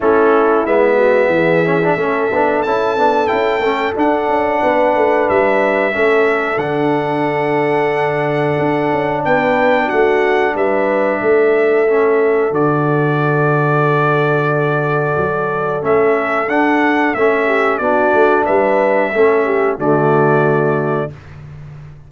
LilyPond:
<<
  \new Staff \with { instrumentName = "trumpet" } { \time 4/4 \tempo 4 = 91 a'4 e''2. | a''4 g''4 fis''2 | e''2 fis''2~ | fis''2 g''4 fis''4 |
e''2. d''4~ | d''1 | e''4 fis''4 e''4 d''4 | e''2 d''2 | }
  \new Staff \with { instrumentName = "horn" } { \time 4/4 e'4. fis'8 gis'4 a'4~ | a'2. b'4~ | b'4 a'2.~ | a'2 b'4 fis'4 |
b'4 a'2.~ | a'1~ | a'2~ a'8 g'8 fis'4 | b'4 a'8 g'8 fis'2 | }
  \new Staff \with { instrumentName = "trombone" } { \time 4/4 cis'4 b4. cis'16 d'16 cis'8 d'8 | e'8 d'8 e'8 cis'8 d'2~ | d'4 cis'4 d'2~ | d'1~ |
d'2 cis'4 fis'4~ | fis'1 | cis'4 d'4 cis'4 d'4~ | d'4 cis'4 a2 | }
  \new Staff \with { instrumentName = "tuba" } { \time 4/4 a4 gis4 e4 a8 b8 | cis'8 b8 cis'8 a8 d'8 cis'8 b8 a8 | g4 a4 d2~ | d4 d'8 cis'8 b4 a4 |
g4 a2 d4~ | d2. fis4 | a4 d'4 a4 b8 a8 | g4 a4 d2 | }
>>